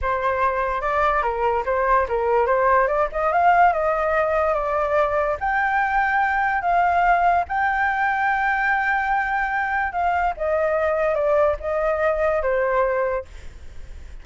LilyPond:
\new Staff \with { instrumentName = "flute" } { \time 4/4 \tempo 4 = 145 c''2 d''4 ais'4 | c''4 ais'4 c''4 d''8 dis''8 | f''4 dis''2 d''4~ | d''4 g''2. |
f''2 g''2~ | g''1 | f''4 dis''2 d''4 | dis''2 c''2 | }